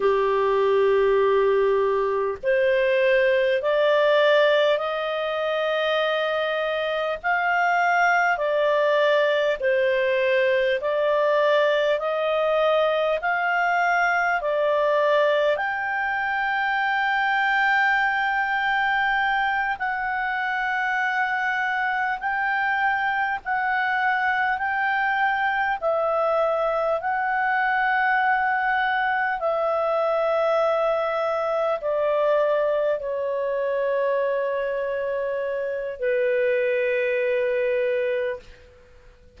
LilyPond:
\new Staff \with { instrumentName = "clarinet" } { \time 4/4 \tempo 4 = 50 g'2 c''4 d''4 | dis''2 f''4 d''4 | c''4 d''4 dis''4 f''4 | d''4 g''2.~ |
g''8 fis''2 g''4 fis''8~ | fis''8 g''4 e''4 fis''4.~ | fis''8 e''2 d''4 cis''8~ | cis''2 b'2 | }